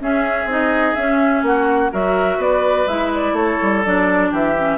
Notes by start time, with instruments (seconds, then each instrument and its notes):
0.00 clarinet C#4, bassoon C#4, oboe G#4, flute E5
0.46 bassoon C4, clarinet D#4, flute D#5
0.95 clarinet C#4, bassoon C#4, flute E5
1.43 bassoon A#3, oboe F#4, flute F#5
1.92 bassoon F#3, clarinet F#4, oboe A#4, flute E5
2.38 bassoon B3, oboe B4, flute D5
2.87 bassoon G#3, clarinet E4, flute E5
3.15 flute D5
3.33 bassoon A3, oboe A4, flute C#5
3.62 bassoon G3
3.85 bassoon F#3, clarinet D4, flute D5
4.31 bassoon E3, oboe G4, flute E5
4.57 clarinet C#4